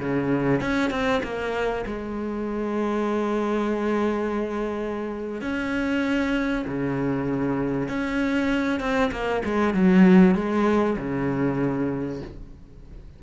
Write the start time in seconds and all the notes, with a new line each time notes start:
0.00 C#3
0.61 C#4
0.91 C4
1.23 A#3
1.86 G#3
5.42 C#4
6.67 C#3
7.88 C#4
8.80 C4
9.12 A#3
9.45 G#3
9.74 F#3
10.35 G#3
10.98 C#3